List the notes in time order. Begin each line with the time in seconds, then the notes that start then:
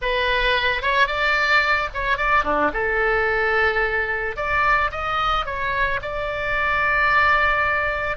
0.01 B4
0.82 C#5
1.07 D5
1.94 C#5
2.17 D5
2.44 D4
2.73 A4
4.36 D5
4.91 D#5
5.45 C#5
6.01 D5